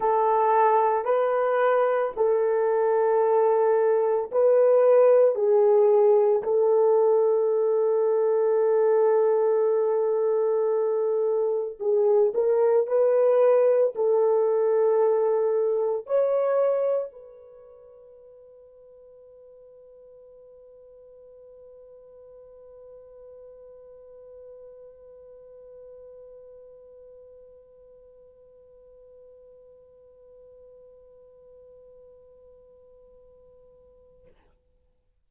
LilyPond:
\new Staff \with { instrumentName = "horn" } { \time 4/4 \tempo 4 = 56 a'4 b'4 a'2 | b'4 gis'4 a'2~ | a'2. gis'8 ais'8 | b'4 a'2 cis''4 |
b'1~ | b'1~ | b'1~ | b'1 | }